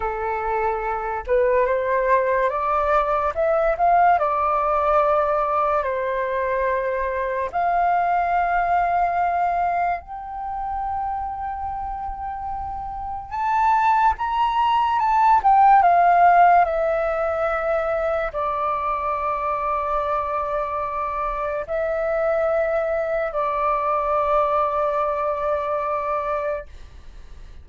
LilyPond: \new Staff \with { instrumentName = "flute" } { \time 4/4 \tempo 4 = 72 a'4. b'8 c''4 d''4 | e''8 f''8 d''2 c''4~ | c''4 f''2. | g''1 |
a''4 ais''4 a''8 g''8 f''4 | e''2 d''2~ | d''2 e''2 | d''1 | }